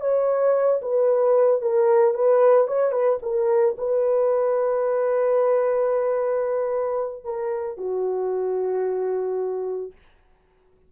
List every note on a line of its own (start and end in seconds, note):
0.00 0.80 C#5
0.82 1.61 B4
1.61 2.14 A#4
2.14 2.67 B4
2.67 2.92 C#5
2.92 3.19 B4
3.22 3.76 A#4
3.78 7.24 B4
7.24 7.77 A#4
7.77 9.92 F#4